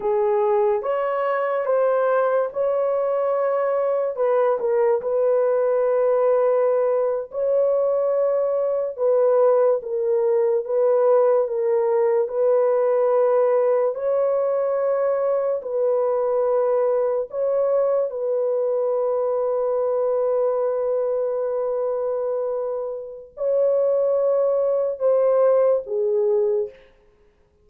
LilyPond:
\new Staff \with { instrumentName = "horn" } { \time 4/4 \tempo 4 = 72 gis'4 cis''4 c''4 cis''4~ | cis''4 b'8 ais'8 b'2~ | b'8. cis''2 b'4 ais'16~ | ais'8. b'4 ais'4 b'4~ b'16~ |
b'8. cis''2 b'4~ b'16~ | b'8. cis''4 b'2~ b'16~ | b'1 | cis''2 c''4 gis'4 | }